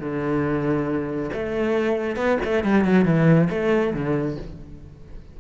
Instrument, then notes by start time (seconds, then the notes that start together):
cello
0.00 D3
1.34 A3
2.16 B3
2.44 A3
2.64 G3
2.85 F#3
3.05 E3
3.50 A3
3.94 D3